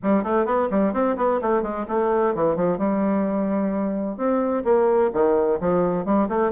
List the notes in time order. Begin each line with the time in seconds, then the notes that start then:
0.02 G3
0.23 A3
0.45 B3
0.70 G3
0.93 C4
1.16 B3
1.41 A3
1.62 G#3
1.88 A3
2.34 E3
2.56 F3
2.78 G3
4.17 C4
4.64 A#3
5.13 D#3
5.60 F3
6.05 G3
6.28 A3